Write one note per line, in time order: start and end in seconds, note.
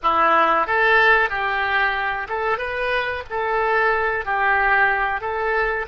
0.02 0.66 E4
0.66 1.29 A4
1.29 2.27 G4
2.28 2.58 A4
2.58 3.23 B4
3.30 4.25 A4
4.25 5.21 G4
5.21 5.86 A4